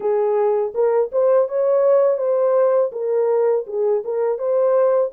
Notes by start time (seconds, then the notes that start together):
0.00 G#4
0.74 A#4
1.11 C5
1.48 C#5
2.17 C5
2.92 A#4
3.66 G#4
4.04 A#4
4.38 C5